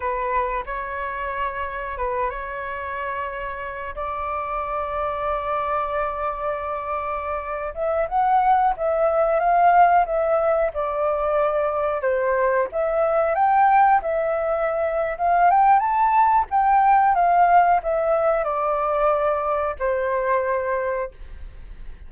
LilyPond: \new Staff \with { instrumentName = "flute" } { \time 4/4 \tempo 4 = 91 b'4 cis''2 b'8 cis''8~ | cis''2 d''2~ | d''2.~ d''8. e''16~ | e''16 fis''4 e''4 f''4 e''8.~ |
e''16 d''2 c''4 e''8.~ | e''16 g''4 e''4.~ e''16 f''8 g''8 | a''4 g''4 f''4 e''4 | d''2 c''2 | }